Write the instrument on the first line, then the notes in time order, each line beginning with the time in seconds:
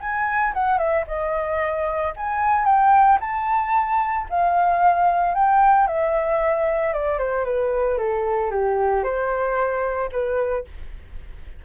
flute
0.00 G#5
0.54 F#5
0.78 E5
1.07 D#5
2.16 G#5
2.65 G5
3.20 A5
4.29 F5
5.34 G5
5.87 E5
6.93 D5
7.19 C5
7.45 B4
7.98 A4
8.51 G4
9.03 C5
10.12 B4